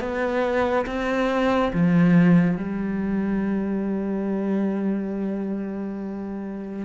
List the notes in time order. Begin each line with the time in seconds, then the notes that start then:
0.00 B3
0.86 C4
1.73 F3
2.57 G3